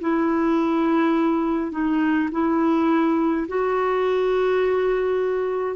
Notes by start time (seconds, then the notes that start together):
0.00 E4
1.72 D#4
2.31 E4
3.48 F#4